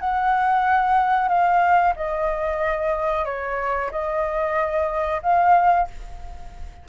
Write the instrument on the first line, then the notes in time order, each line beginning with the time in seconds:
flute
0.00 F#5
1.28 F5
1.96 D#5
3.25 C#5
3.91 D#5
5.22 F5